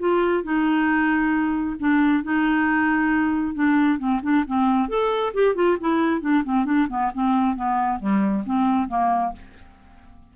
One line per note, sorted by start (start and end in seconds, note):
0.00 0.44 F4
0.44 1.77 D#4
1.80 2.24 D4
2.24 3.55 D#4
3.55 3.99 D4
3.99 4.21 C4
4.23 4.45 D4
4.47 4.89 C4
4.89 5.33 A4
5.34 5.56 G4
5.56 5.78 F4
5.81 6.22 E4
6.22 6.44 D4
6.45 6.66 C4
6.66 6.88 D4
6.90 7.12 B3
7.15 7.56 C4
7.56 8.00 B3
8.00 8.44 G3
8.46 8.89 C4
8.89 9.33 A#3